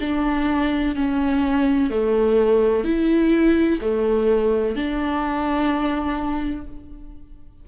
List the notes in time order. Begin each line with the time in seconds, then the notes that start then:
0.00 D4
0.95 C#4
1.90 A3
2.84 E4
3.81 A3
4.76 D4